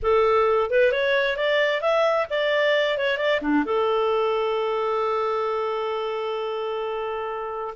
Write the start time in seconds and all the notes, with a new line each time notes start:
0.02 A4
0.70 B4
0.92 C#5
1.36 D5
1.81 E5
2.30 D5
2.98 C#5
3.17 D5
3.41 D4
3.65 A4